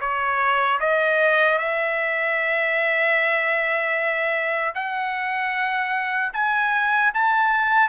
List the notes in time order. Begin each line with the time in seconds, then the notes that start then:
0.00 C#5
0.80 D#5
1.58 E5
4.74 F#5
6.33 G#5
7.14 A5